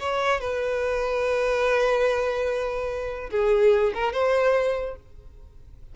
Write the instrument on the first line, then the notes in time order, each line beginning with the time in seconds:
violin
0.00 C#5
0.41 B4
3.31 G#4
3.94 A#4
4.13 C5